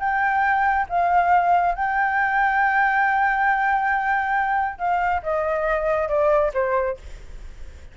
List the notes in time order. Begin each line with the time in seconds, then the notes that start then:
0.00 G5
0.90 F5
1.75 G5
4.79 F5
5.23 D#5
6.08 D5
6.54 C5